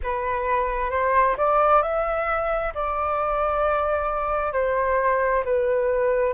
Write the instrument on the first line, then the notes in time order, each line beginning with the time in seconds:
flute
0.02 B4
0.90 C5
1.37 D5
1.82 E5
2.74 D5
4.52 C5
5.45 B4